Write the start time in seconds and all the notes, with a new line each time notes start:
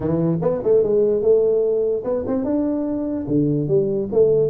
0.00 E3
0.41 B3
0.63 A3
0.83 G#3
1.22 A3
2.04 B3
2.27 C4
2.44 D4
3.27 D3
3.68 G3
4.12 A3